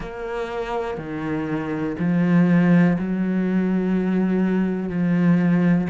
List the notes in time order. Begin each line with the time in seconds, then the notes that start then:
0.00 A#3
0.97 D#3
1.99 F3
2.98 F#3
4.89 F3